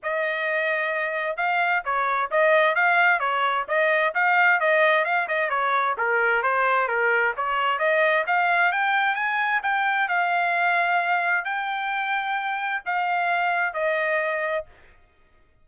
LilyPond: \new Staff \with { instrumentName = "trumpet" } { \time 4/4 \tempo 4 = 131 dis''2. f''4 | cis''4 dis''4 f''4 cis''4 | dis''4 f''4 dis''4 f''8 dis''8 | cis''4 ais'4 c''4 ais'4 |
cis''4 dis''4 f''4 g''4 | gis''4 g''4 f''2~ | f''4 g''2. | f''2 dis''2 | }